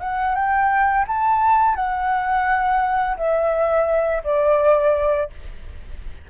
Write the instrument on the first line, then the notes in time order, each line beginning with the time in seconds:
flute
0.00 F#5
0.35 G5
1.07 A5
1.76 F#5
3.17 E5
4.24 D5